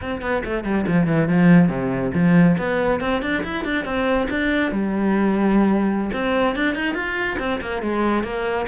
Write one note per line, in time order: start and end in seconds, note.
0.01 0.21 C4
0.21 0.43 B3
0.44 0.64 A3
0.64 0.85 G3
0.87 1.07 F3
1.07 1.28 E3
1.28 1.68 F3
1.68 2.11 C3
2.14 2.57 F3
2.58 3.00 B3
3.00 3.21 C4
3.21 3.43 D4
3.43 3.64 E4
3.64 3.85 D4
3.85 4.27 C4
4.30 4.71 D4
4.71 6.10 G3
6.12 6.55 C4
6.55 6.74 D4
6.74 6.94 D#4
6.94 7.37 F4
7.39 7.60 C4
7.61 7.82 A#3
7.82 8.23 G#3
8.23 8.66 A#3